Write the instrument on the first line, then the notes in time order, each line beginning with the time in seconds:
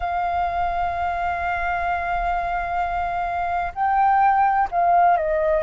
flute
0.00 F5
3.74 G5
4.71 F5
5.17 D#5